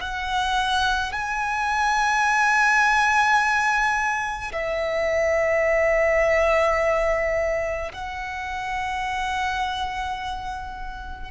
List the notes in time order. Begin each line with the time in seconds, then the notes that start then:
0.00 F#5
1.13 G#5
4.52 E5
7.92 F#5